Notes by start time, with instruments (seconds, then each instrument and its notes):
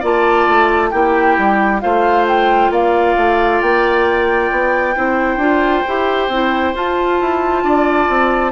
0.00 bassoon A#3, clarinet F4, oboe D5, flute A5
0.48 bassoon A3
0.90 bassoon A#3, clarinet E4, oboe G4, flute G5
1.38 bassoon G3
1.81 bassoon A3, clarinet F4, oboe C5, flute F5
2.28 flute G5
2.70 bassoon A#3, oboe D5, flute F5
3.17 bassoon A3
3.62 bassoon A#3, flute G5
4.51 bassoon B3
4.96 bassoon C4, clarinet E4, oboe C5
5.37 bassoon D4, clarinet F4
5.87 bassoon E4, clarinet G4
6.28 bassoon C4, clarinet E4
6.75 bassoon F4, clarinet F4, flute A5
7.21 bassoon E4
7.64 bassoon D4, oboe D5
8.09 bassoon C4